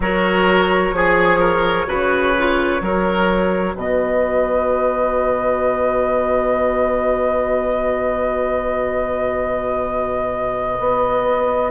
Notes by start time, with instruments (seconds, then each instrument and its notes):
0.00 bassoon F#3, clarinet F#4, oboe A#4, flute C#5
0.92 bassoon F3, clarinet G#4, oboe G#4
1.39 oboe A#4
1.86 bassoon C#3, clarinet F#4, oboe B4
2.38 clarinet F4
2.79 bassoon F#3, clarinet F#4, oboe A#4
3.75 bassoon B2, oboe B4, flute D#5
10.79 bassoon B3